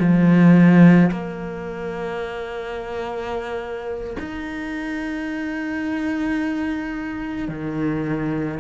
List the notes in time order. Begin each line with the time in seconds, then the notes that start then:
0.00 F3
1.12 A#3
4.20 D#4
7.48 D#3